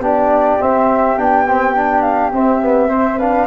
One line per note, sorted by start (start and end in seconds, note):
0.00 0.58 B3
0.00 0.60 D4
0.00 2.89 G4
0.00 0.62 D5
0.60 1.17 C4
0.60 1.19 C4
0.60 1.18 E5
1.17 2.33 B3
1.17 1.46 D4
1.17 2.02 G5
1.47 1.75 C4
1.75 2.33 D4
2.02 2.31 F5
2.33 3.47 C4
2.33 2.62 C4
2.33 3.19 E5
2.62 2.90 B3
2.89 3.19 C4
2.89 3.18 C5
3.18 3.47 D4
3.18 3.47 B4
3.18 3.47 F5